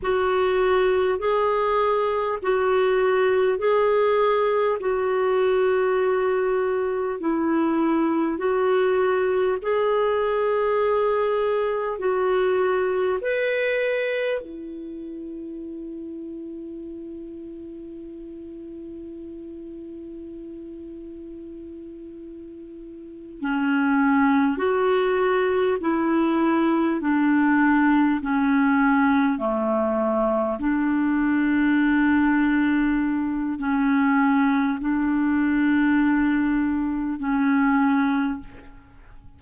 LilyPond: \new Staff \with { instrumentName = "clarinet" } { \time 4/4 \tempo 4 = 50 fis'4 gis'4 fis'4 gis'4 | fis'2 e'4 fis'4 | gis'2 fis'4 b'4 | e'1~ |
e'2.~ e'8 cis'8~ | cis'8 fis'4 e'4 d'4 cis'8~ | cis'8 a4 d'2~ d'8 | cis'4 d'2 cis'4 | }